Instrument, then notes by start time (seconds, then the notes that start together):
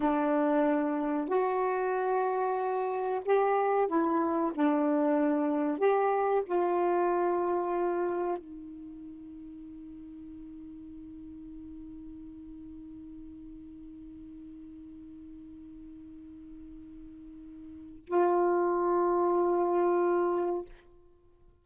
saxophone
0.00 D4
1.28 F#4
3.25 G4
3.87 E4
4.55 D4
5.78 G4
6.45 F4
8.37 D#4
18.06 F4